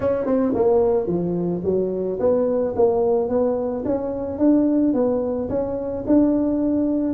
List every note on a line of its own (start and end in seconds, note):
0.00 0.25 C#4
0.25 0.53 C4
0.54 1.07 A#3
1.07 1.62 F3
1.64 2.19 F#3
2.19 2.74 B3
2.75 3.29 A#3
3.29 3.84 B3
3.85 4.38 C#4
4.38 4.93 D4
4.93 5.48 B3
5.49 6.04 C#4
6.07 7.13 D4